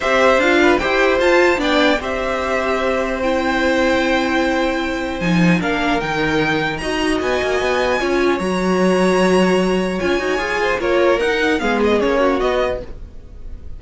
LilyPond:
<<
  \new Staff \with { instrumentName = "violin" } { \time 4/4 \tempo 4 = 150 e''4 f''4 g''4 a''4 | g''4 e''2. | g''1~ | g''4 gis''4 f''4 g''4~ |
g''4 ais''4 gis''2~ | gis''4 ais''2.~ | ais''4 gis''2 cis''4 | fis''4 f''8 dis''8 cis''4 dis''4 | }
  \new Staff \with { instrumentName = "violin" } { \time 4/4 c''4. b'8 c''2 | d''4 c''2.~ | c''1~ | c''2 ais'2~ |
ais'4 dis''2. | cis''1~ | cis''2~ cis''8 c''8 ais'4~ | ais'4 gis'4. fis'4. | }
  \new Staff \with { instrumentName = "viola" } { \time 4/4 g'4 f'4 g'4 f'4 | d'4 g'2. | e'1~ | e'4 dis'4 d'4 dis'4~ |
dis'4 fis'2. | f'4 fis'2.~ | fis'4 f'8 fis'8 gis'4 f'4 | dis'4 b4 cis'4 b4 | }
  \new Staff \with { instrumentName = "cello" } { \time 4/4 c'4 d'4 e'4 f'4 | b4 c'2.~ | c'1~ | c'4 f4 ais4 dis4~ |
dis4 dis'4 b8 ais8 b4 | cis'4 fis2.~ | fis4 cis'8 dis'8 f'4 ais4 | dis'4 gis4 ais4 b4 | }
>>